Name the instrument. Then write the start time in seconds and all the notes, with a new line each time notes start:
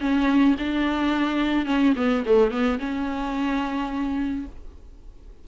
viola
0.00 C#4
0.59 D4
1.66 C#4
1.96 B3
2.26 A3
2.51 B3
2.79 C#4